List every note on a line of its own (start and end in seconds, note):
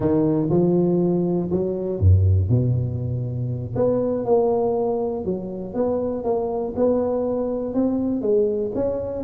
0.00 0.49 D#3
0.50 1.50 F3
1.51 1.99 F#3
1.99 2.49 F#2
2.49 3.74 B2
3.75 4.25 B3
4.25 5.24 A#3
5.24 5.74 F#3
5.74 6.24 B3
6.24 6.74 A#3
6.75 7.73 B3
7.73 8.21 C4
8.21 8.71 G#3
8.75 9.24 C#4